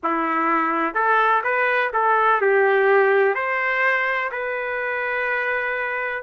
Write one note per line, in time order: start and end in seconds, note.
0.03 0.94 E4
0.94 1.42 A4
1.43 1.91 B4
1.93 2.41 A4
2.41 3.34 G4
3.34 4.30 C5
4.31 6.23 B4